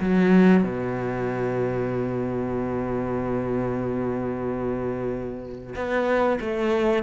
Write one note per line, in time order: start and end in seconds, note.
0.00 0.63 F#3
0.63 5.74 B2
5.75 6.39 B3
6.40 7.03 A3